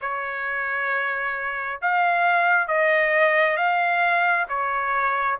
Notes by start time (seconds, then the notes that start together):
0.01 C#5
1.82 F5
2.67 D#5
3.56 F5
4.48 C#5